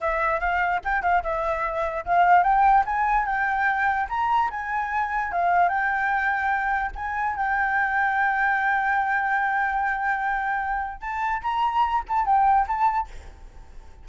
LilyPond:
\new Staff \with { instrumentName = "flute" } { \time 4/4 \tempo 4 = 147 e''4 f''4 g''8 f''8 e''4~ | e''4 f''4 g''4 gis''4 | g''2 ais''4 gis''4~ | gis''4 f''4 g''2~ |
g''4 gis''4 g''2~ | g''1~ | g''2. a''4 | ais''4. a''8 g''4 a''4 | }